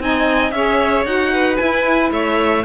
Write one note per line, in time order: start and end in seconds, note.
0.00 0.51 C4
0.00 0.54 D#4
0.00 0.54 D#5
0.00 0.51 G#5
0.51 1.05 C#4
0.51 1.05 G#4
0.51 1.33 C#5
0.51 1.04 E5
1.05 1.58 D#4
1.05 1.57 F#4
1.05 1.57 F#5
1.33 2.11 B4
1.57 2.63 E4
1.57 2.11 E4
1.57 2.10 G#5
2.11 2.64 A3
2.11 2.64 C#5
2.11 2.65 E5